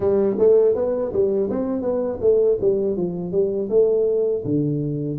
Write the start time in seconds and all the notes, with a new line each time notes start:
0.00 G3
0.38 A3
0.75 B3
1.12 G3
1.50 C4
1.81 B3
2.20 A3
2.60 G3
2.96 F3
3.31 G3
3.69 A3
4.44 D3